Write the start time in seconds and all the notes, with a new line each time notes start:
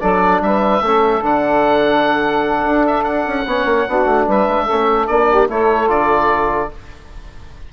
0.00 F#3 D4 A4 D5
0.41 G3 B4 E5
0.81 A3 C#4 A4
1.21 D3 D4 F#5
2.65 D4
2.87 E5
3.04 F#5
3.26 C#4
3.46 B3 C#4 C#5
3.65 A#3
3.88 B3 D4 F#4
4.05 A3
4.27 G3 B4 E5
4.47 G#3
4.64 C#4 A4
4.71 A3
5.07 A#3 D4 D5
5.30 G4
5.49 A3 E4 A4 C#5
5.87 D3 F4 D5